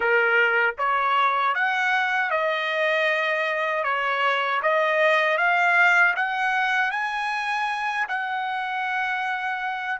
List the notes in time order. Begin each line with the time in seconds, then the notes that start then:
0.00 A#4
0.78 C#5
1.54 F#5
2.30 D#5
3.83 C#5
4.62 D#5
5.37 F5
6.16 F#5
6.91 G#5
8.08 F#5